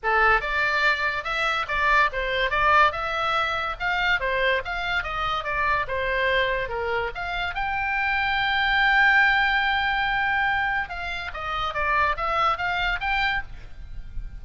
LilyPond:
\new Staff \with { instrumentName = "oboe" } { \time 4/4 \tempo 4 = 143 a'4 d''2 e''4 | d''4 c''4 d''4 e''4~ | e''4 f''4 c''4 f''4 | dis''4 d''4 c''2 |
ais'4 f''4 g''2~ | g''1~ | g''2 f''4 dis''4 | d''4 e''4 f''4 g''4 | }